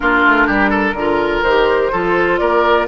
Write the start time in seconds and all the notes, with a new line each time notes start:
0.00 A#3 D4 F4 A#4
0.25 A3
0.46 G3 G4
0.70 A4
0.93 D3 F4 A#4
1.42 D#3 G4 C5
1.92 F3 F4 A4
2.38 A#3 A#4 D5